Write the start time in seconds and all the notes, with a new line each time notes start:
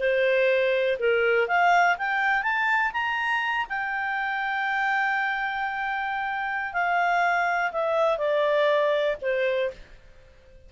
0.00 C5
1.00 A#4
1.48 F5
1.98 G5
2.43 A5
2.93 A#5
3.70 G5
6.74 F5
7.72 E5
8.18 D5
9.22 C5